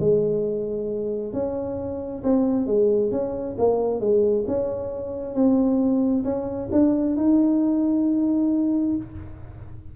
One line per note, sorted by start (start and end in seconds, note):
0.00 1.33 G#3
1.33 2.23 C#4
2.24 2.67 C4
2.67 3.12 G#3
3.12 3.56 C#4
3.59 4.01 A#3
4.01 4.45 G#3
4.48 5.35 C#4
5.35 6.24 C4
6.25 6.69 C#4
6.72 7.17 D4
7.17 8.96 D#4